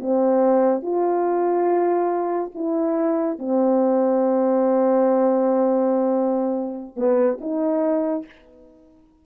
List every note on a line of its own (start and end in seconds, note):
0.00 0.83 C4
0.83 2.52 F4
2.55 3.39 E4
3.39 6.97 C4
6.97 7.39 B3
7.41 8.25 D#4